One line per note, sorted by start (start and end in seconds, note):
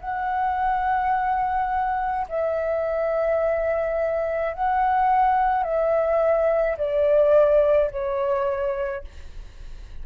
0.00 2.26 F#5
2.28 4.53 E5
4.53 5.63 F#5
5.63 6.76 E5
6.77 7.90 D5
7.91 9.04 C#5